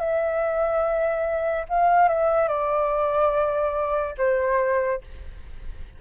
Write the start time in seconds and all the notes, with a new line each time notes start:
0.00 E5
1.69 F5
2.09 E5
2.48 D5
4.18 C5